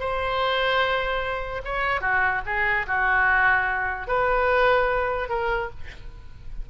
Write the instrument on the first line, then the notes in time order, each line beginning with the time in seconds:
oboe
0.00 C5
1.65 C#5
2.01 F#4
2.46 G#4
2.87 F#4
4.07 B4
5.29 A#4